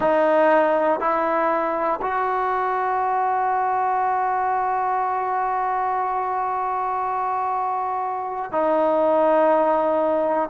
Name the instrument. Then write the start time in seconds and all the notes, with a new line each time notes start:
trombone
0.00 D#4
1.00 E4
2.01 F#4
8.51 D#4